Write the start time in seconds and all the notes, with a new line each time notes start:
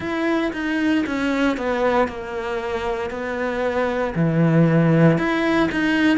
0.00 E4
0.53 D#4
1.06 C#4
1.57 B3
2.08 A#3
3.10 B3
4.15 E3
5.17 E4
5.71 D#4